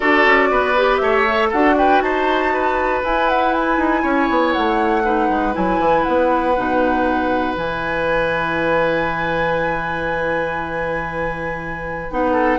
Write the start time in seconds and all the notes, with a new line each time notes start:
0.00 D4 F#4 A4 D5
0.25 C#4
0.50 B3 B4
0.76 G4
0.97 A3 C#5 E5
1.27 A4
1.49 D4 F#4 A4 F#5
1.77 B4 G5
2.01 D#4 C5 A5
2.53 B4
3.03 E4 G#5
3.29 F#5
3.53 G#5
3.77 D#4
4.02 C#4 C#5
4.29 B3
4.52 A3 F#5
5.04 D#4 B4
5.29 G#3
5.52 F#3 E4 G#5
5.79 E3
6.03 B3 F#5
6.56 B2 D#4
7.56 E3 E4 G#5
12.10 B3 D#4 F#5
12.32 A4